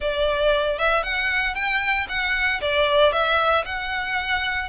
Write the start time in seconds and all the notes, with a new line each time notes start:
0.00 D5
0.78 E5
1.03 F#5
1.54 G5
2.08 F#5
2.61 D5
3.12 E5
3.65 F#5